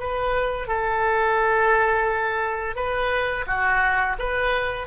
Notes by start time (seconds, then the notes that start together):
0.00 B4
0.68 A4
2.76 B4
3.47 F#4
4.20 B4